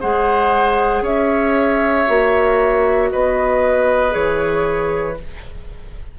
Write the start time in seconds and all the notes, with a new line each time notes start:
0.00 G#3 G#4 C5 F#5
1.01 C#4 C#5 E5
2.07 A#3 F#4
3.11 B3 B4 D#5
4.10 E3 G#4 C#5